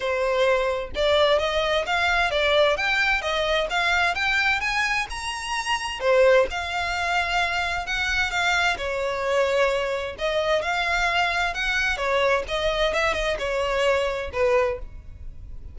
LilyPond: \new Staff \with { instrumentName = "violin" } { \time 4/4 \tempo 4 = 130 c''2 d''4 dis''4 | f''4 d''4 g''4 dis''4 | f''4 g''4 gis''4 ais''4~ | ais''4 c''4 f''2~ |
f''4 fis''4 f''4 cis''4~ | cis''2 dis''4 f''4~ | f''4 fis''4 cis''4 dis''4 | e''8 dis''8 cis''2 b'4 | }